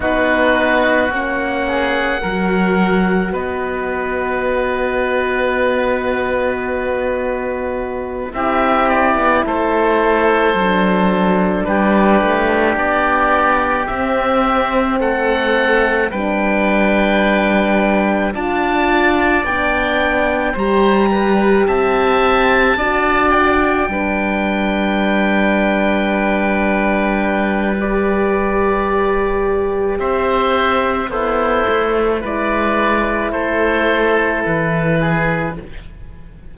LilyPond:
<<
  \new Staff \with { instrumentName = "oboe" } { \time 4/4 \tempo 4 = 54 b'4 fis''2 dis''4~ | dis''2.~ dis''8 e''8 | d''8 c''2 b'4 d''8~ | d''8 e''4 fis''4 g''4.~ |
g''8 a''4 g''4 ais''4 a''8~ | a''4 g''2.~ | g''4 d''2 e''4 | c''4 d''4 c''4 b'4 | }
  \new Staff \with { instrumentName = "oboe" } { \time 4/4 fis'4. gis'8 ais'4 b'4~ | b'2.~ b'8 g'8~ | g'8 a'2 g'4.~ | g'4. a'4 b'4.~ |
b'8 d''2 c''8 b'8 e''8~ | e''8 d''4 b'2~ b'8~ | b'2. c''4 | e'4 b'4 a'4. gis'8 | }
  \new Staff \with { instrumentName = "horn" } { \time 4/4 dis'4 cis'4 fis'2~ | fis'2.~ fis'8 e'8~ | e'4. d'2~ d'8~ | d'8 c'2 d'4.~ |
d'8 f'4 d'4 g'4.~ | g'8 fis'4 d'2~ d'8~ | d'4 g'2. | a'4 e'2. | }
  \new Staff \with { instrumentName = "cello" } { \time 4/4 b4 ais4 fis4 b4~ | b2.~ b8 c'8~ | c'16 b16 a4 fis4 g8 a8 b8~ | b8 c'4 a4 g4.~ |
g8 d'4 b4 g4 c'8~ | c'8 d'4 g2~ g8~ | g2. c'4 | b8 a8 gis4 a4 e4 | }
>>